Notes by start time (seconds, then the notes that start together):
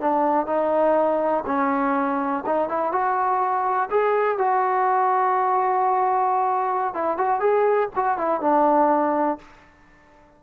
0.00 D4
0.46 D#4
1.46 C#4
2.46 D#4
2.69 E4
2.92 F#4
3.90 G#4
4.38 F#4
6.94 E4
7.17 F#4
7.40 G#4
7.95 F#4
8.17 E4
8.41 D4